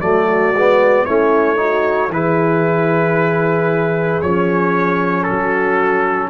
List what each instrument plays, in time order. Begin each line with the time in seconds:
0.00 tuba F#3, trombone A3, horn F#4, trumpet D5
0.52 tuba G#3, trombone B3
1.05 tuba A3, trombone C#4, horn E4, trumpet C#5
1.56 trombone D#4, horn F#4
2.09 tuba E3, trombone E4, horn G#4, trumpet B4
4.21 tuba F3, trombone C#4, trumpet C#5
5.23 tuba F#3, horn F#4, trumpet A4